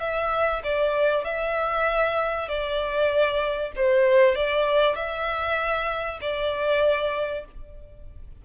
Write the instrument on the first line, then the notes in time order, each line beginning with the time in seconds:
violin
0.00 E5
0.64 D5
1.25 E5
2.48 D5
3.76 C5
4.35 D5
4.95 E5
6.21 D5